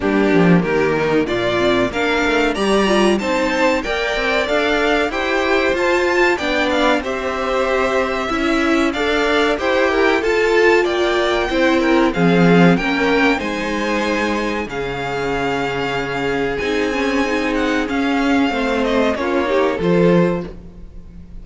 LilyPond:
<<
  \new Staff \with { instrumentName = "violin" } { \time 4/4 \tempo 4 = 94 g'4 ais'4 d''4 f''4 | ais''4 a''4 g''4 f''4 | g''4 a''4 g''8 f''8 e''4~ | e''2 f''4 g''4 |
a''4 g''2 f''4 | g''4 gis''2 f''4~ | f''2 gis''4. fis''8 | f''4. dis''8 cis''4 c''4 | }
  \new Staff \with { instrumentName = "violin" } { \time 4/4 d'4 g'8 dis'8 f'4 ais'4 | d''4 c''4 d''2 | c''2 d''4 c''4~ | c''4 e''4 d''4 c''8 ais'8 |
a'4 d''4 c''8 ais'8 gis'4 | ais'4 c''2 gis'4~ | gis'1~ | gis'4 c''4 f'8 g'8 a'4 | }
  \new Staff \with { instrumentName = "viola" } { \time 4/4 ais2~ ais8 c'8 d'4 | g'8 f'8 dis'4 ais'4 a'4 | g'4 f'4 d'4 g'4~ | g'4 e'4 a'4 g'4 |
f'2 e'4 c'4 | cis'4 dis'2 cis'4~ | cis'2 dis'8 cis'8 dis'4 | cis'4 c'4 cis'8 dis'8 f'4 | }
  \new Staff \with { instrumentName = "cello" } { \time 4/4 g8 f8 dis4 ais,4 ais8 a8 | g4 c'4 ais8 c'8 d'4 | e'4 f'4 b4 c'4~ | c'4 cis'4 d'4 e'4 |
f'4 ais4 c'4 f4 | ais4 gis2 cis4~ | cis2 c'2 | cis'4 a4 ais4 f4 | }
>>